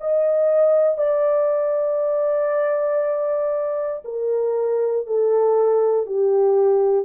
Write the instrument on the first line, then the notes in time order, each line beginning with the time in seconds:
horn
0.00 D#5
0.98 D5
4.05 A#4
5.07 A4
6.06 G4